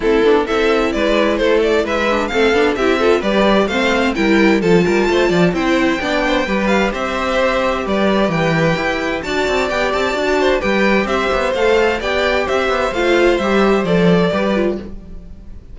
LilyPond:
<<
  \new Staff \with { instrumentName = "violin" } { \time 4/4 \tempo 4 = 130 a'4 e''4 d''4 c''8 d''8 | e''4 f''4 e''4 d''4 | f''4 g''4 a''2 | g''2~ g''8 f''8 e''4~ |
e''4 d''4 g''2 | a''4 g''8 a''4. g''4 | e''4 f''4 g''4 e''4 | f''4 e''4 d''2 | }
  \new Staff \with { instrumentName = "violin" } { \time 4/4 e'4 a'4 b'4 a'4 | b'4 a'4 g'8 a'8 b'4 | c''4 ais'4 a'8 ais'8 c''8 d''8 | c''4 d''8 c''8 b'4 c''4~ |
c''4 b'2. | d''2~ d''8 c''8 b'4 | c''2 d''4 c''4~ | c''2. b'4 | }
  \new Staff \with { instrumentName = "viola" } { \time 4/4 c'8 d'8 e'2.~ | e'8 d'8 c'8 d'8 e'8 f'8 g'4 | c'4 e'4 f'2 | e'4 d'4 g'2~ |
g'1 | fis'4 g'4 fis'4 g'4~ | g'4 a'4 g'2 | f'4 g'4 a'4 g'8 f'8 | }
  \new Staff \with { instrumentName = "cello" } { \time 4/4 a8 b8 c'4 gis4 a4 | gis4 a8 b8 c'4 g4 | a4 g4 f8 g8 a8 f8 | c'4 b4 g4 c'4~ |
c'4 g4 e4 e'4 | d'8 c'8 b8 c'8 d'4 g4 | c'8 b8 a4 b4 c'8 b8 | a4 g4 f4 g4 | }
>>